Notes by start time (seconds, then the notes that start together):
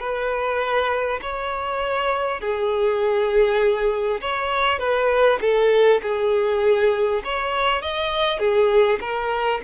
0.00 B4
1.22 C#5
2.41 G#4
4.21 C#5
4.79 B4
5.41 A4
6.02 G#4
7.24 C#5
7.82 D#5
8.39 G#4
9.01 A#4